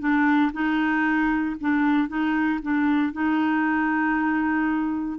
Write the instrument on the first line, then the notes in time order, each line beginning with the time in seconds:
clarinet
0.00 D4
0.53 D#4
1.61 D4
2.08 D#4
2.63 D4
3.13 D#4